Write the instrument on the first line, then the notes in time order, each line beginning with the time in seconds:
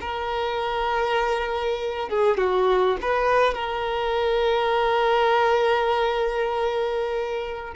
violin
0.00 A#4
2.08 G#4
2.37 F#4
3.01 B4
3.54 A#4